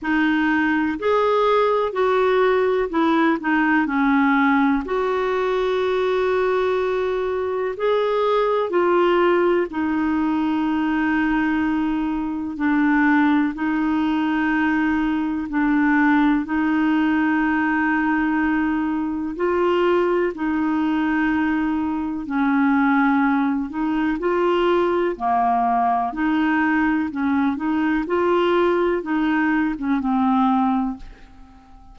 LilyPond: \new Staff \with { instrumentName = "clarinet" } { \time 4/4 \tempo 4 = 62 dis'4 gis'4 fis'4 e'8 dis'8 | cis'4 fis'2. | gis'4 f'4 dis'2~ | dis'4 d'4 dis'2 |
d'4 dis'2. | f'4 dis'2 cis'4~ | cis'8 dis'8 f'4 ais4 dis'4 | cis'8 dis'8 f'4 dis'8. cis'16 c'4 | }